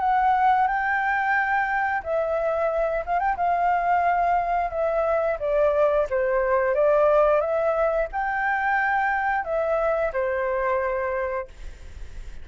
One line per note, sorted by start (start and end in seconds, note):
0.00 0.67 F#5
0.68 2.03 G5
2.03 3.05 E5
3.06 3.20 F5
3.20 3.36 G5
3.37 4.71 F5
4.71 5.38 E5
5.40 6.07 D5
6.10 6.75 C5
6.75 7.41 D5
7.41 8.08 E5
8.13 9.45 G5
9.45 10.12 E5
10.13 11.48 C5